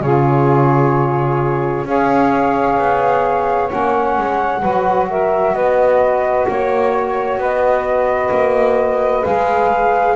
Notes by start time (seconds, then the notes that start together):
0.00 C#3 F4 G#4 C#5
1.85 C#4 G#4 C#5 F5
2.78 B3
3.68 A#3 C#4 F#5
4.17 G#3
4.61 F#3 F#4 B4
5.09 A#4 E5
5.53 B3 B4 D#5
6.48 A#3 C#5
7.37 B3 B4 D#5
8.31 A#3
9.23 G#3 G#4 F5